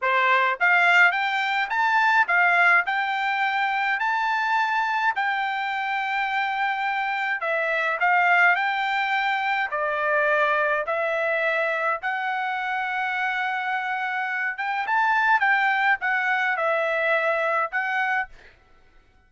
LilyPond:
\new Staff \with { instrumentName = "trumpet" } { \time 4/4 \tempo 4 = 105 c''4 f''4 g''4 a''4 | f''4 g''2 a''4~ | a''4 g''2.~ | g''4 e''4 f''4 g''4~ |
g''4 d''2 e''4~ | e''4 fis''2.~ | fis''4. g''8 a''4 g''4 | fis''4 e''2 fis''4 | }